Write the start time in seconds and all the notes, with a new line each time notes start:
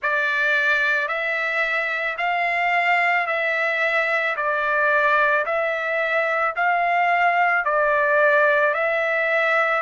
0.02 D5
1.08 E5
2.17 F5
3.27 E5
4.36 D5
5.45 E5
6.56 F5
7.64 D5
8.74 E5